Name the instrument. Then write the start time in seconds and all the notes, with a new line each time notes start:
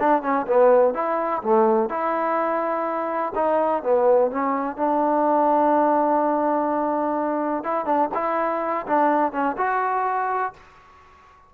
trombone
0.00 D4
0.23 C#4
0.47 B3
0.94 E4
1.43 A3
1.89 E4
3.35 D#4
3.83 B3
4.31 C#4
4.77 D4
7.64 E4
7.86 D4
8.15 E4
8.87 D4
9.32 C#4
9.58 F#4